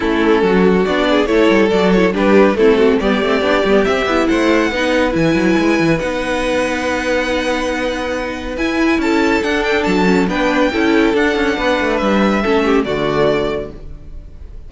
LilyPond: <<
  \new Staff \with { instrumentName = "violin" } { \time 4/4 \tempo 4 = 140 a'2 d''4 cis''4 | d''8 cis''8 b'4 a'4 d''4~ | d''4 e''4 fis''2 | gis''2 fis''2~ |
fis''1 | gis''4 a''4 fis''8 g''8 a''4 | g''2 fis''2 | e''2 d''2 | }
  \new Staff \with { instrumentName = "violin" } { \time 4/4 e'4 fis'4. gis'8 a'4~ | a'4 g'4 e'8 fis'8 g'4~ | g'2 c''4 b'4~ | b'1~ |
b'1~ | b'4 a'2. | b'4 a'2 b'4~ | b'4 a'8 g'8 fis'2 | }
  \new Staff \with { instrumentName = "viola" } { \time 4/4 cis'2 d'4 e'4 | fis'8 e'8 d'4 c'4 b8 c'8 | d'8 b8 c'8 e'4. dis'4 | e'2 dis'2~ |
dis'1 | e'2 d'4. cis'8 | d'4 e'4 d'2~ | d'4 cis'4 a2 | }
  \new Staff \with { instrumentName = "cello" } { \time 4/4 a4 fis4 b4 a8 g8 | fis4 g4 a4 g8 a8 | b8 g8 c'8 b8 a4 b4 | e8 fis8 gis8 e8 b2~ |
b1 | e'4 cis'4 d'4 fis4 | b4 cis'4 d'8 cis'8 b8 a8 | g4 a4 d2 | }
>>